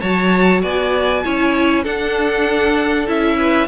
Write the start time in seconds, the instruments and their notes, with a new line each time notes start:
0.00 cello F#3, viola F#4, violin C#5 A5
0.62 cello B3, violin D5 G#5
1.24 cello C#4, viola E4, violin C#5
1.83 viola D4, cello D4, violin A4 F#5
3.07 cello C#4, viola E4, violin E5
3.37 violin B4